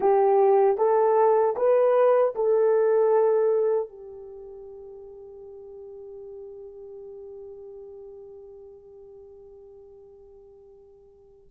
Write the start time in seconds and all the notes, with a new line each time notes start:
0.00 G4
0.77 A4
1.56 B4
2.35 A4
3.88 G4